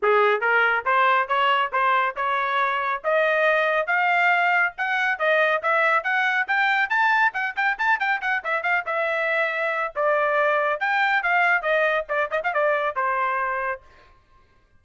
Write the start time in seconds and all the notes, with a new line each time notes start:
0.02 G#4
0.40 A#4
0.85 C5
1.27 C#5
1.72 C5
2.16 C#5
3.03 D#5
3.87 F5
4.77 F#5
5.19 D#5
5.62 E5
6.03 F#5
6.47 G5
6.89 A5
7.33 F#5
7.55 G5
7.78 A5
7.99 G5
8.21 F#5
8.43 E5
8.63 F5
8.86 E5
9.95 D5
10.80 G5
11.22 F5
11.62 D#5
12.08 D5
12.30 D#5
12.43 F5
12.53 D5
12.95 C5